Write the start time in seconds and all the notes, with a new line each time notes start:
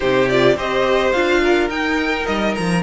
0.00 C3 D#4 G4 C5
0.29 F4 D5
0.55 C4 G4 C5 D#5
1.12 D4 F4 F5
1.42 A#4
1.69 D#4 G5
2.26 G3 D#5
2.55 F3 A#5